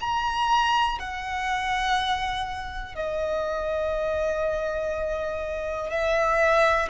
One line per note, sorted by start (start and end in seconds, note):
0.00 0.98 A#5
0.99 2.95 F#5
2.95 5.90 D#5
5.90 6.89 E5